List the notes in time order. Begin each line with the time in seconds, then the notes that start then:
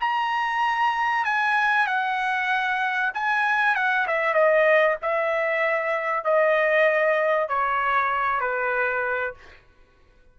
0.00 A#5
1.24 G#5
1.86 F#5
3.14 G#5
3.75 F#5
4.07 E5
4.34 D#5
5.02 E5
6.24 D#5
7.48 C#5
8.40 B4